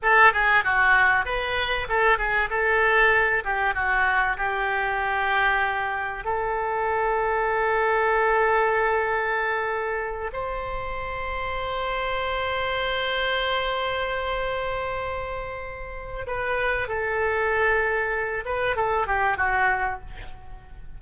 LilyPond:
\new Staff \with { instrumentName = "oboe" } { \time 4/4 \tempo 4 = 96 a'8 gis'8 fis'4 b'4 a'8 gis'8 | a'4. g'8 fis'4 g'4~ | g'2 a'2~ | a'1~ |
a'8 c''2.~ c''8~ | c''1~ | c''2 b'4 a'4~ | a'4. b'8 a'8 g'8 fis'4 | }